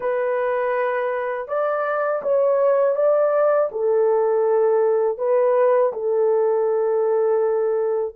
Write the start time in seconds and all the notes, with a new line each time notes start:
0.00 B4
1.47 D5
2.22 C#5
2.95 D5
3.71 A4
5.18 B4
5.93 A4